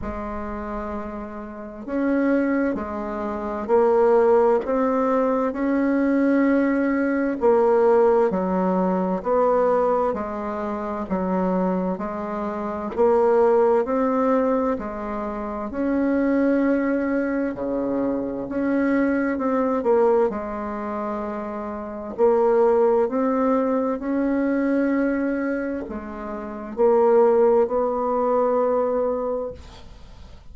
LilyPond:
\new Staff \with { instrumentName = "bassoon" } { \time 4/4 \tempo 4 = 65 gis2 cis'4 gis4 | ais4 c'4 cis'2 | ais4 fis4 b4 gis4 | fis4 gis4 ais4 c'4 |
gis4 cis'2 cis4 | cis'4 c'8 ais8 gis2 | ais4 c'4 cis'2 | gis4 ais4 b2 | }